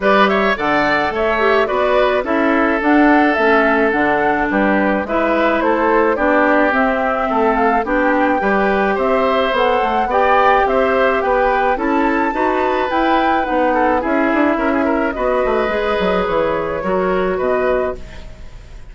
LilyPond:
<<
  \new Staff \with { instrumentName = "flute" } { \time 4/4 \tempo 4 = 107 d''8 e''8 fis''4 e''4 d''4 | e''4 fis''4 e''4 fis''4 | b'4 e''4 c''4 d''4 | e''4. f''8 g''2 |
e''4 fis''4 g''4 e''4 | g''4 a''2 g''4 | fis''4 e''2 dis''4~ | dis''4 cis''2 dis''4 | }
  \new Staff \with { instrumentName = "oboe" } { \time 4/4 b'8 cis''8 d''4 cis''4 b'4 | a'1 | g'4 b'4 a'4 g'4~ | g'4 a'4 g'4 b'4 |
c''2 d''4 c''4 | b'4 a'4 b'2~ | b'8 a'8 gis'4 ais'16 gis'16 ais'8 b'4~ | b'2 ais'4 b'4 | }
  \new Staff \with { instrumentName = "clarinet" } { \time 4/4 g'4 a'4. g'8 fis'4 | e'4 d'4 cis'4 d'4~ | d'4 e'2 d'4 | c'2 d'4 g'4~ |
g'4 a'4 g'2~ | g'4 e'4 fis'4 e'4 | dis'4 e'2 fis'4 | gis'2 fis'2 | }
  \new Staff \with { instrumentName = "bassoon" } { \time 4/4 g4 d4 a4 b4 | cis'4 d'4 a4 d4 | g4 gis4 a4 b4 | c'4 a4 b4 g4 |
c'4 b8 a8 b4 c'4 | b4 cis'4 dis'4 e'4 | b4 cis'8 d'8 cis'4 b8 a8 | gis8 fis8 e4 fis4 b,4 | }
>>